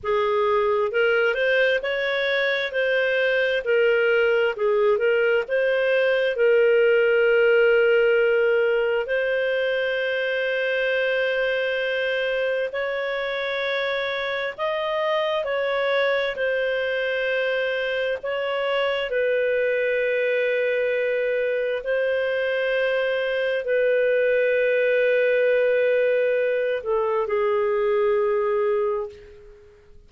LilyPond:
\new Staff \with { instrumentName = "clarinet" } { \time 4/4 \tempo 4 = 66 gis'4 ais'8 c''8 cis''4 c''4 | ais'4 gis'8 ais'8 c''4 ais'4~ | ais'2 c''2~ | c''2 cis''2 |
dis''4 cis''4 c''2 | cis''4 b'2. | c''2 b'2~ | b'4. a'8 gis'2 | }